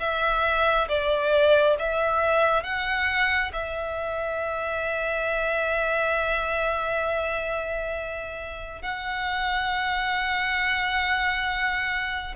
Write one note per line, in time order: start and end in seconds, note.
0.00 0.88 E5
0.89 1.77 D5
1.79 2.64 E5
2.64 3.52 F#5
3.53 8.82 E5
8.82 12.35 F#5